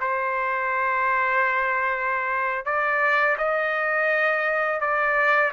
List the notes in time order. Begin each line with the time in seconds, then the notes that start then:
0.00 C5
2.66 D5
3.38 D#5
4.81 D5